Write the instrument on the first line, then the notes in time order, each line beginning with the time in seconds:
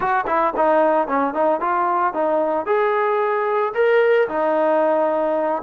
trombone
0.00 F#4
0.26 E4
0.56 D#4
1.07 C#4
1.34 D#4
1.60 F4
2.13 D#4
2.66 G#4
3.74 A#4
4.28 D#4